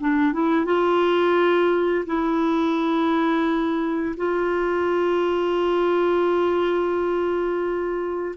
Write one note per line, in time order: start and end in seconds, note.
0.00 0.33 D4
0.33 0.65 E4
0.65 2.05 F4
2.06 4.15 E4
4.17 8.35 F4